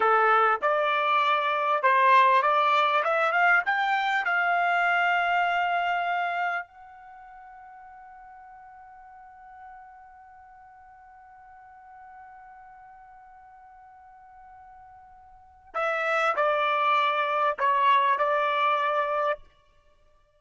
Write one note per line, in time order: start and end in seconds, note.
0.00 0.60 A4
0.61 1.82 D5
1.82 2.42 C5
2.42 3.03 D5
3.04 3.32 E5
3.32 3.62 F5
3.65 4.25 G5
4.25 6.66 F5
6.66 15.74 F#5
15.74 16.34 E5
16.36 17.57 D5
17.58 18.18 C#5
18.18 19.39 D5